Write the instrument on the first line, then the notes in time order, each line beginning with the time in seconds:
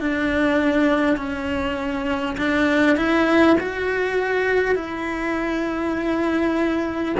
cello
0.00 D4
1.17 C#4
2.38 D4
2.97 E4
3.60 F#4
4.75 E4